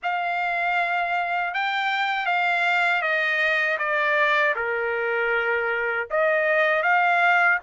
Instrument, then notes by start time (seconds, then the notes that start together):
trumpet
0.02 F5
1.54 G5
2.26 F5
3.01 D#5
3.78 D5
4.55 A#4
6.10 D#5
6.82 F5